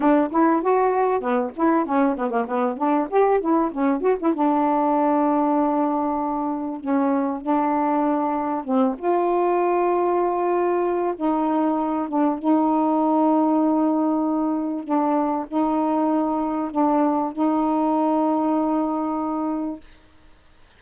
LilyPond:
\new Staff \with { instrumentName = "saxophone" } { \time 4/4 \tempo 4 = 97 d'8 e'8 fis'4 b8 e'8 cis'8 b16 ais16 | b8 d'8 g'8 e'8 cis'8 fis'16 e'16 d'4~ | d'2. cis'4 | d'2 c'8 f'4.~ |
f'2 dis'4. d'8 | dis'1 | d'4 dis'2 d'4 | dis'1 | }